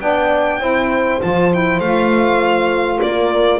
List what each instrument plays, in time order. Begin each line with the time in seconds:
0.00 double bass B3, saxophone D4, horn D5, violin G5
0.60 double bass C4, saxophone E4, horn C5
1.21 double bass F3, saxophone F4, violin A5
1.52 saxophone E4, violin G5
1.80 double bass A3, saxophone F4, violin F5
3.01 double bass A#3, horn A#4, violin D5